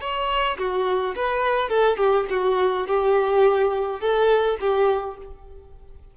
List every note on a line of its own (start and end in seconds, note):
0.00 0.57 C#5
0.57 1.15 F#4
1.15 1.69 B4
1.69 1.97 A4
1.97 2.25 G4
2.30 2.87 F#4
2.87 4.00 G4
4.00 4.57 A4
4.60 5.17 G4